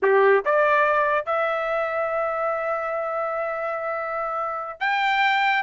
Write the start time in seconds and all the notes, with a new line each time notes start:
0.02 G4
0.45 D5
1.25 E5
4.79 G5